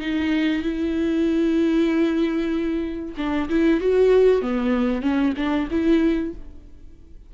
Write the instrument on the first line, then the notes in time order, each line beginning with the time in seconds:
viola
0.00 D#4
0.62 E4
3.17 D4
3.49 E4
3.80 F#4
4.41 B3
5.02 C#4
5.37 D4
5.71 E4